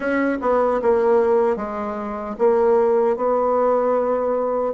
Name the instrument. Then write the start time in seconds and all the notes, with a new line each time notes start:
bassoon
0.00 C#4
0.41 B3
0.81 A#3
1.56 G#3
2.38 A#3
3.16 B3